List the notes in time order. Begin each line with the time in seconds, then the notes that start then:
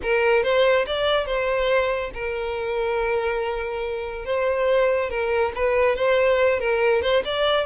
0.02 A#4
0.43 C5
0.86 D5
1.26 C5
2.14 A#4
4.25 C5
5.09 A#4
5.55 B4
5.96 C5
6.59 A#4
7.01 C5
7.25 D5